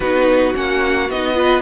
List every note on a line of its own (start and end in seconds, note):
0.00 0.53 B3
0.00 0.54 D#4
0.00 1.34 F#4
0.00 0.54 B4
0.54 1.09 A#3
0.54 1.08 C#4
0.54 1.10 F#5
1.09 1.61 B3
1.09 1.34 D#4
1.09 1.61 D#5
1.34 1.61 F4
1.34 1.61 B4